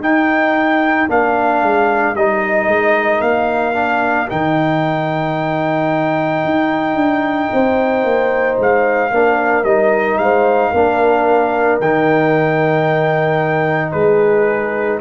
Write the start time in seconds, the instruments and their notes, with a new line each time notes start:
0.00 tuba D#4, trombone D#4, horn A#4, trumpet G5
1.08 tuba A#3, trombone D4, trumpet F5
1.62 tuba G#3
2.15 tuba G3, trombone D#4, trumpet D#5
2.67 tuba G#3
3.21 tuba A#3, trumpet F5
3.74 trombone D4
4.29 tuba D#3, trombone D#4, trumpet G5
6.45 tuba D#4
6.94 tuba D4
7.53 tuba C4, horn C5
8.04 tuba A#3
8.59 tuba G#3, trumpet F5
9.11 tuba A#3, trombone D4, horn A#4
9.63 tuba G3, trombone D#4, trumpet D#5
10.18 tuba G#3, horn C5, trumpet F5
10.71 tuba A#3, trombone D4, horn A#4
11.80 tuba D#3, trombone D#4, trumpet G5
13.92 tuba G#3, horn G#4, trumpet B4